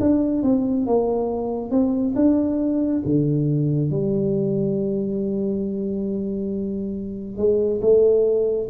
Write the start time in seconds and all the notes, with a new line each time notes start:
0.00 D4
0.43 C4
0.86 A#3
1.70 C4
2.15 D4
3.05 D3
3.90 G3
7.37 G#3
7.81 A3